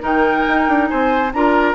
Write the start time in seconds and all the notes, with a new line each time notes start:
0.00 D#3 D#4 A#4 G5
0.48 D#4
0.68 D4
0.88 C4 C5 G#5
1.33 D4 F4 A#4 A#5